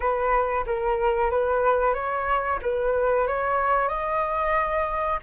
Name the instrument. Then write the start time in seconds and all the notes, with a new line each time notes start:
flute
0.00 B4
0.66 A#4
1.30 B4
1.94 C#5
2.61 B4
3.27 C#5
3.88 D#5